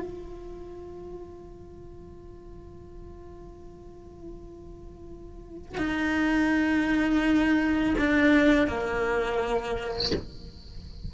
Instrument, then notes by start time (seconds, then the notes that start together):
cello
0.00 F4
5.78 D#4
7.98 D4
8.67 A#3